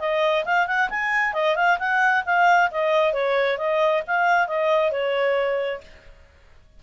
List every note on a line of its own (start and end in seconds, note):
0.00 0.45 D#5
0.45 0.67 F5
0.67 0.90 F#5
0.90 1.33 G#5
1.33 1.56 D#5
1.56 1.78 F5
1.79 2.24 F#5
2.26 2.70 F5
2.71 3.13 D#5
3.13 3.58 C#5
3.58 4.03 D#5
4.07 4.48 F5
4.48 4.92 D#5
4.92 5.81 C#5